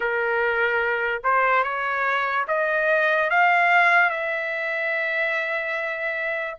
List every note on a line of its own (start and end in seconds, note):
0.00 1.21 A#4
1.23 1.63 C5
1.63 2.45 C#5
2.47 3.30 D#5
3.30 4.10 F5
4.10 6.56 E5